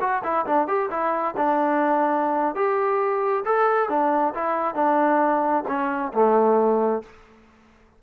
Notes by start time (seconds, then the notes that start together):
0.00 F#4
0.23 E4
0.46 D4
0.67 G4
0.90 E4
1.36 D4
2.55 G4
3.45 A4
3.89 D4
4.34 E4
4.75 D4
5.68 C#4
6.13 A3